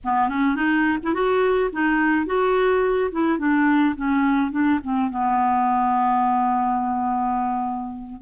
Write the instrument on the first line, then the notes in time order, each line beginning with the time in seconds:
clarinet
0.04 B3
0.28 C#4
0.55 D#4
1.02 E4
1.13 F#4
1.72 D#4
2.25 F#4
3.11 E4
3.38 D4
3.95 C#4
4.51 D4
4.83 C4
5.10 B3